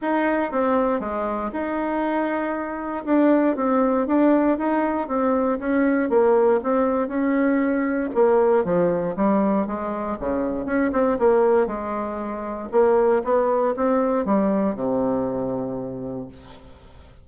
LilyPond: \new Staff \with { instrumentName = "bassoon" } { \time 4/4 \tempo 4 = 118 dis'4 c'4 gis4 dis'4~ | dis'2 d'4 c'4 | d'4 dis'4 c'4 cis'4 | ais4 c'4 cis'2 |
ais4 f4 g4 gis4 | cis4 cis'8 c'8 ais4 gis4~ | gis4 ais4 b4 c'4 | g4 c2. | }